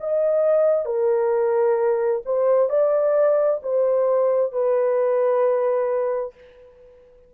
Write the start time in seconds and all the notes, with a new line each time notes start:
0.00 D#5
0.85 A#4
2.25 C5
2.69 D5
3.62 C5
4.52 B4